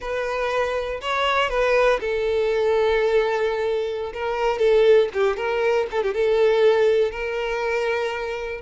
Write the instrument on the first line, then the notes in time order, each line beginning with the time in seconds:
violin
0.00 B4
1.01 C#5
1.49 B4
2.00 A4
4.13 A#4
4.59 A4
5.13 G4
5.36 A#4
5.91 A4
6.02 G4
6.13 A4
7.11 A#4